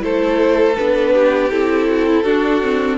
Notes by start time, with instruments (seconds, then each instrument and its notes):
0.00 cello A3, viola E4, violin A4 C5
0.77 cello B3, viola D4, violin B4
1.14 violin G4
1.51 cello C4, viola E4, violin A4
1.89 violin F#4
2.07 violin E4
2.24 viola D4, cello D4, violin F#4
2.62 viola C4